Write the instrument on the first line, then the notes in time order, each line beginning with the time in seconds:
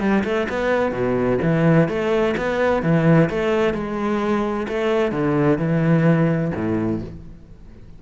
cello
0.00 G3
0.24 A3
0.49 B3
0.92 B2
1.42 E3
1.88 A3
2.37 B3
2.82 E3
3.30 A3
3.74 G#3
4.68 A3
5.12 D3
5.58 E3
6.55 A2